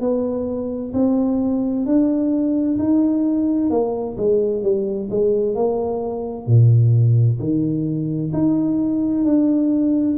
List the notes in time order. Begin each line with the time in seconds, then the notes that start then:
0.00 B3
0.93 C4
1.85 D4
2.78 D#4
3.70 A#3
4.17 G#3
4.62 G3
5.10 G#3
5.55 A#3
6.46 A#2
7.39 D#3
8.33 D#4
9.24 D4